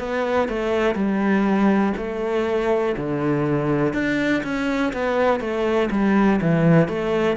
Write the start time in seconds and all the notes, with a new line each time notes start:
0.00 B3
0.49 A3
0.95 G3
1.98 A3
2.98 D3
3.94 D4
4.44 C#4
4.94 B3
5.41 A3
5.92 G3
6.42 E3
6.89 A3